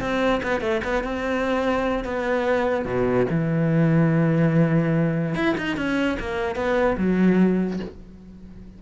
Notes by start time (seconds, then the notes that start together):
0.00 C4
0.43 B3
0.61 A3
0.84 B3
1.03 C4
2.04 B3
2.85 B2
3.30 E3
5.35 E4
5.58 D#4
5.77 C#4
6.20 A#3
6.55 B3
6.97 F#3